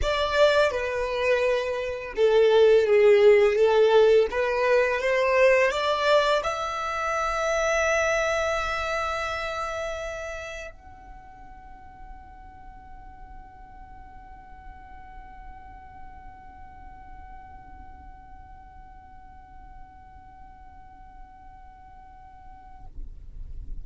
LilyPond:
\new Staff \with { instrumentName = "violin" } { \time 4/4 \tempo 4 = 84 d''4 b'2 a'4 | gis'4 a'4 b'4 c''4 | d''4 e''2.~ | e''2. fis''4~ |
fis''1~ | fis''1~ | fis''1~ | fis''1 | }